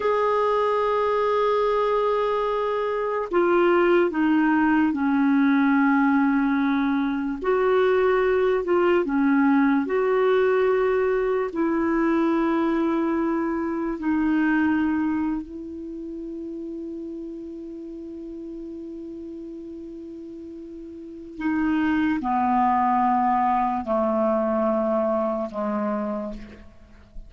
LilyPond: \new Staff \with { instrumentName = "clarinet" } { \time 4/4 \tempo 4 = 73 gis'1 | f'4 dis'4 cis'2~ | cis'4 fis'4. f'8 cis'4 | fis'2 e'2~ |
e'4 dis'4.~ dis'16 e'4~ e'16~ | e'1~ | e'2 dis'4 b4~ | b4 a2 gis4 | }